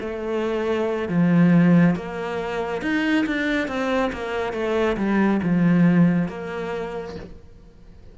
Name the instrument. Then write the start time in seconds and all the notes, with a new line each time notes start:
cello
0.00 A3
1.08 F3
1.95 A#3
2.82 D#4
3.26 D4
3.68 C4
4.12 A#3
4.53 A3
4.97 G3
5.42 F3
6.28 A#3